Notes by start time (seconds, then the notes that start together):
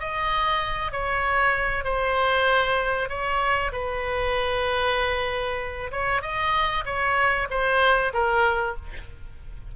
0.00 D#5
0.92 C#5
1.84 C5
3.09 C#5
3.72 B4
5.92 C#5
6.22 D#5
6.86 C#5
7.50 C5
8.13 A#4